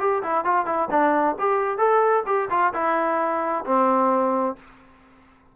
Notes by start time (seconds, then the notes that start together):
0.00 G4
0.23 E4
0.45 F4
0.66 E4
0.91 D4
1.39 G4
1.78 A4
2.26 G4
2.51 F4
2.74 E4
3.65 C4